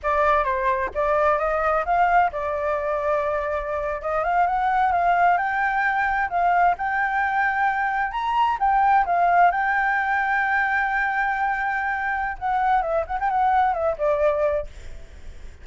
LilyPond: \new Staff \with { instrumentName = "flute" } { \time 4/4 \tempo 4 = 131 d''4 c''4 d''4 dis''4 | f''4 d''2.~ | d''8. dis''8 f''8 fis''4 f''4 g''16~ | g''4.~ g''16 f''4 g''4~ g''16~ |
g''4.~ g''16 ais''4 g''4 f''16~ | f''8. g''2.~ g''16~ | g''2. fis''4 | e''8 fis''16 g''16 fis''4 e''8 d''4. | }